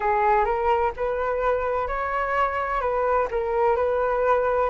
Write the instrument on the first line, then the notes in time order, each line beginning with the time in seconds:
flute
0.00 G#4
0.45 A#4
0.96 B4
1.87 C#5
2.80 B4
3.31 A#4
3.76 B4